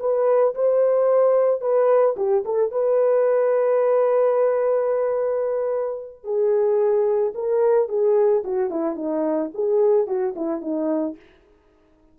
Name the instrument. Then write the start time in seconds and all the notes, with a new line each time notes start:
horn
0.00 B4
0.55 C5
1.61 B4
2.17 G4
2.45 A4
2.72 B4
6.24 G#4
7.35 A#4
7.89 G#4
8.44 F#4
8.71 E4
8.96 D#4
9.55 G#4
10.07 F#4
10.36 E4
10.62 D#4